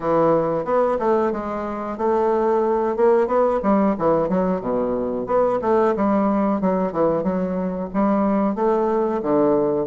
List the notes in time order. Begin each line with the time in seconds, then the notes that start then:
0.00 E3
0.64 B3
0.99 A3
1.32 G#3
1.97 A3
2.96 A#3
3.27 B3
3.62 G3
3.98 E3
4.29 F#3
4.61 B2
5.26 B3
5.61 A3
5.96 G3
6.60 F#3
6.92 E3
7.23 F#3
7.93 G3
8.55 A3
9.22 D3